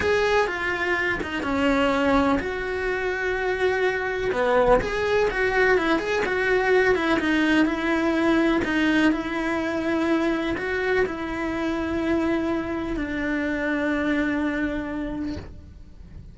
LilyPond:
\new Staff \with { instrumentName = "cello" } { \time 4/4 \tempo 4 = 125 gis'4 f'4. dis'8 cis'4~ | cis'4 fis'2.~ | fis'4 b4 gis'4 fis'4 | e'8 gis'8 fis'4. e'8 dis'4 |
e'2 dis'4 e'4~ | e'2 fis'4 e'4~ | e'2. d'4~ | d'1 | }